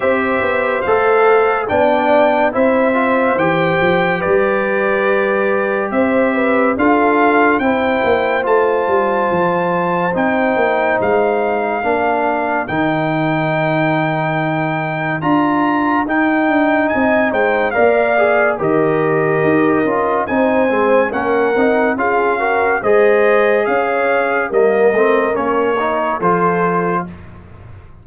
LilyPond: <<
  \new Staff \with { instrumentName = "trumpet" } { \time 4/4 \tempo 4 = 71 e''4 f''4 g''4 e''4 | g''4 d''2 e''4 | f''4 g''4 a''2 | g''4 f''2 g''4~ |
g''2 ais''4 g''4 | gis''8 g''8 f''4 dis''2 | gis''4 fis''4 f''4 dis''4 | f''4 dis''4 cis''4 c''4 | }
  \new Staff \with { instrumentName = "horn" } { \time 4/4 c''2 d''4 c''4~ | c''4 b'2 c''8 b'8 | a'4 c''2.~ | c''2 ais'2~ |
ais'1 | dis''8 c''8 d''4 ais'2 | c''4 ais'4 gis'8 ais'8 c''4 | cis''4 ais'2 a'4 | }
  \new Staff \with { instrumentName = "trombone" } { \time 4/4 g'4 a'4 d'4 e'8 f'8 | g'1 | f'4 e'4 f'2 | dis'2 d'4 dis'4~ |
dis'2 f'4 dis'4~ | dis'4 ais'8 gis'8 g'4. f'8 | dis'8 c'8 cis'8 dis'8 f'8 fis'8 gis'4~ | gis'4 ais8 c'8 cis'8 dis'8 f'4 | }
  \new Staff \with { instrumentName = "tuba" } { \time 4/4 c'8 b8 a4 b4 c'4 | e8 f8 g2 c'4 | d'4 c'8 ais8 a8 g8 f4 | c'8 ais8 gis4 ais4 dis4~ |
dis2 d'4 dis'8 d'8 | c'8 gis8 ais4 dis4 dis'8 cis'8 | c'8 gis8 ais8 c'8 cis'4 gis4 | cis'4 g8 a8 ais4 f4 | }
>>